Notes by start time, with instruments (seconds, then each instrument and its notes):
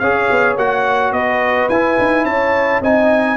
0.00 tuba C#4, trombone G#4, horn C#5, trumpet F5
0.31 tuba B3
0.57 tuba A#3, trombone F#4, trumpet F#5
1.12 tuba B3, horn B4, trumpet D#5
1.69 tuba E4, trombone E4, trumpet G#5
1.99 tuba D#4
2.25 tuba C#4, horn C#5, trumpet A5
2.81 tuba C4, trombone D#4, horn D#5, trumpet G#5